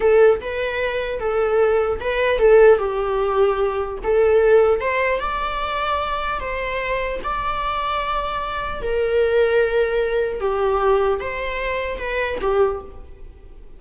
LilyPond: \new Staff \with { instrumentName = "viola" } { \time 4/4 \tempo 4 = 150 a'4 b'2 a'4~ | a'4 b'4 a'4 g'4~ | g'2 a'2 | c''4 d''2. |
c''2 d''2~ | d''2 ais'2~ | ais'2 g'2 | c''2 b'4 g'4 | }